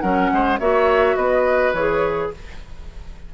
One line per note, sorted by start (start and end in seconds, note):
0.00 0.31 F#3
0.00 0.59 C#4
0.00 0.30 A#4
0.00 0.57 F#5
0.32 0.59 G#3
0.32 0.59 C5
0.59 1.16 A#3
0.59 1.74 F#4
0.59 1.16 C#5
0.59 1.16 E5
1.16 1.73 B3
1.16 2.30 B4
1.16 1.73 D#5
1.73 2.30 E3
1.73 2.34 G#4
1.73 2.30 C#5